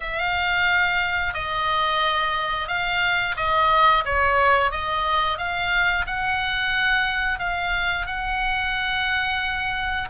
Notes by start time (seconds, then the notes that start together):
0.00 F5
1.34 D#5
2.68 F5
3.36 D#5
4.05 C#5
4.71 D#5
5.37 F5
6.06 F#5
7.39 F5
8.06 F#5